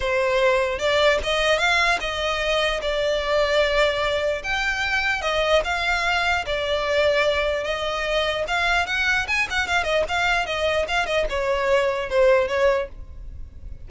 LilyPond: \new Staff \with { instrumentName = "violin" } { \time 4/4 \tempo 4 = 149 c''2 d''4 dis''4 | f''4 dis''2 d''4~ | d''2. g''4~ | g''4 dis''4 f''2 |
d''2. dis''4~ | dis''4 f''4 fis''4 gis''8 fis''8 | f''8 dis''8 f''4 dis''4 f''8 dis''8 | cis''2 c''4 cis''4 | }